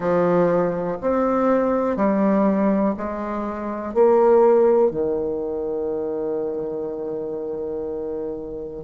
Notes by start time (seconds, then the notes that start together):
0.00 F3
1.01 C4
1.96 G3
2.97 G#3
3.93 A#3
4.90 D#3